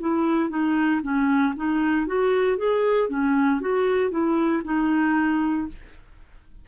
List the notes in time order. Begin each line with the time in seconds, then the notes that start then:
0.00 E4
0.50 D#4
1.03 C#4
1.57 D#4
2.07 F#4
2.58 G#4
3.09 C#4
3.61 F#4
4.11 E4
4.65 D#4